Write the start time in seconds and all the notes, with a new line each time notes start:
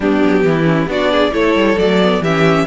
0.00 G3 B3 D4 G4
0.23 F#3
0.43 E3 E4
0.63 C#4
0.86 B3 D4 F#4 D5
1.10 G#4
1.32 A3 E4 A4 C#5
1.54 G3
1.77 F#3 A3 D5
2.01 B3
2.19 E3 G4 E5
2.26 C#4